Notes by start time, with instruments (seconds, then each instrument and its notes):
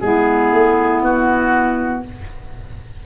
0.00 tuba G#3, clarinet B3, saxophone E4, oboe G#4
0.52 tuba A3
1.02 tuba B3, oboe F#4